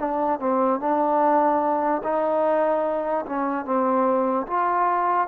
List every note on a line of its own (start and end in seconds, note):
0.00 0.40 D4
0.40 0.80 C4
0.80 2.02 D4
2.04 3.25 D#4
3.26 3.66 C#4
3.66 4.47 C4
4.47 5.28 F4